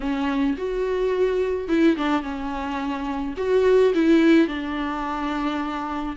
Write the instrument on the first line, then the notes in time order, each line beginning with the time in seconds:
viola
0.00 C#4
0.57 F#4
1.68 E4
1.97 D4
2.22 C#4
3.37 F#4
3.94 E4
4.47 D4